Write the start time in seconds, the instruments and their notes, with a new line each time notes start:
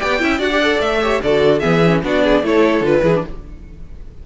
0.00 cello B3, viola G4, violin D5 G5
0.20 cello C#4, viola E4, violin E5
0.39 cello D4, viola F#4, violin D5 F#5
0.52 viola G4
0.62 viola A4
0.80 cello A3, violin E5
1.02 viola G4, violin C#5
1.23 cello D3, viola F#4, violin A4 D5
1.60 cello E3, viola B3, violin G#4 E5
1.86 viola C#4
2.03 cello B3, viola D4, violin F#4 D5
2.24 violin G#4
2.43 cello A3, viola E4, violin A4 C#5
2.81 cello D3, viola F4, violin B4
3.03 cello E3, viola E4, violin G#4
3.15 viola D4